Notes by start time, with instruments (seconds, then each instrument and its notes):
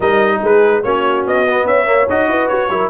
0.00 tuba G3, trombone D#4, horn A#4, trumpet D#5
0.42 tuba G#3, horn G#4, trumpet B4
0.83 tuba A#3, trombone C#4, horn F#4, trumpet C#5
1.26 tuba B3, trumpet D#5
1.47 trombone B3
1.65 tuba C#4, horn C#5, trumpet E5
1.85 trombone A#3
2.09 tuba D#4, trombone F#4, trumpet D#5
2.27 tuba E4, horn B4
2.48 tuba F#4, trumpet C#5
2.69 tuba F#3, trombone E4, horn A#4